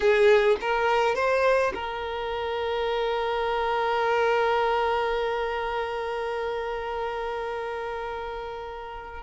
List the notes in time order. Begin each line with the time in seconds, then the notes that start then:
0.00 G#4
0.61 A#4
1.15 C5
1.74 A#4